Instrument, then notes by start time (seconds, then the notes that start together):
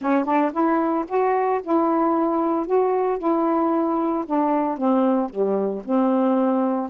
saxophone
0.01 C#4
0.24 D4
0.52 E4
1.08 F#4
1.63 E4
2.66 F#4
3.18 E4
4.26 D4
4.77 C4
5.29 G3
5.84 C4